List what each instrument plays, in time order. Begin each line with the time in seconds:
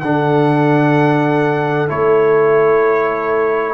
0.00 tuba D3, trombone D4, horn A4, trumpet F#5
1.88 tuba A3, trombone E4, trumpet C#5